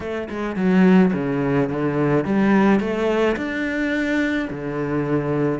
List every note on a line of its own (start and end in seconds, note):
0.00 0.28 A3
0.29 0.56 G#3
0.56 1.12 F#3
1.13 1.69 C#3
1.69 2.24 D3
2.24 2.80 G3
2.80 3.36 A3
3.36 4.48 D4
4.50 5.59 D3